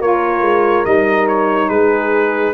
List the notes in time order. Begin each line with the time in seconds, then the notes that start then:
0.00 A#3 F4 A#4 C#5
0.41 G#3
0.84 G3 D#4 D#5
1.27 C#5
1.68 G#3 G#4 B4